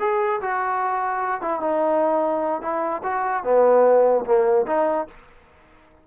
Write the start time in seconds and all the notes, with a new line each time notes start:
0.00 G#4
0.41 F#4
1.41 E4
1.61 D#4
2.62 E4
3.04 F#4
3.44 B3
4.26 A#3
4.67 D#4